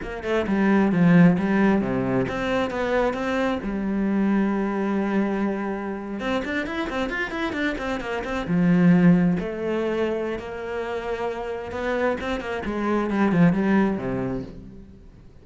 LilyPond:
\new Staff \with { instrumentName = "cello" } { \time 4/4 \tempo 4 = 133 ais8 a8 g4 f4 g4 | c4 c'4 b4 c'4 | g1~ | g4.~ g16 c'8 d'8 e'8 c'8 f'16~ |
f'16 e'8 d'8 c'8 ais8 c'8 f4~ f16~ | f8. a2~ a16 ais4~ | ais2 b4 c'8 ais8 | gis4 g8 f8 g4 c4 | }